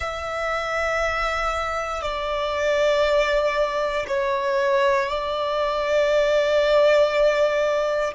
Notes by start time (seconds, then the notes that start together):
0.00 E5
2.02 D5
4.07 C#5
5.08 D5